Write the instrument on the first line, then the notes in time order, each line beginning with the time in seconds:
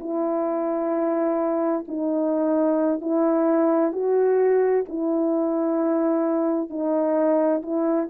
horn
0.00 E4
1.88 D#4
3.01 E4
3.93 F#4
4.89 E4
6.70 D#4
7.63 E4